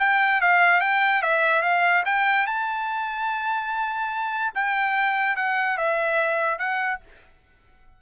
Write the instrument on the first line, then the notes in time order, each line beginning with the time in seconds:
trumpet
0.00 G5
0.41 F5
0.81 G5
1.23 E5
1.63 F5
2.06 G5
2.47 A5
4.55 G5
5.37 F#5
5.78 E5
6.59 F#5